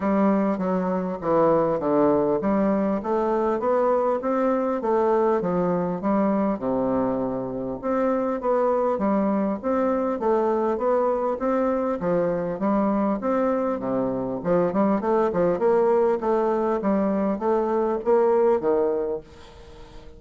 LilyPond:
\new Staff \with { instrumentName = "bassoon" } { \time 4/4 \tempo 4 = 100 g4 fis4 e4 d4 | g4 a4 b4 c'4 | a4 f4 g4 c4~ | c4 c'4 b4 g4 |
c'4 a4 b4 c'4 | f4 g4 c'4 c4 | f8 g8 a8 f8 ais4 a4 | g4 a4 ais4 dis4 | }